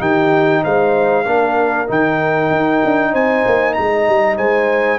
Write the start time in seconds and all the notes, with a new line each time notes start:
0.00 D#3 D#4 G4 G5
0.63 G#3 C5 F5
1.26 A#3 D4 A#4
1.88 D#3 D#4 G5
2.51 D#4
2.85 D4
3.12 C4 C5 G#5
3.47 A#3
3.74 G#3 D#5 A#5
4.09 G3
4.38 G#3 C5 G#5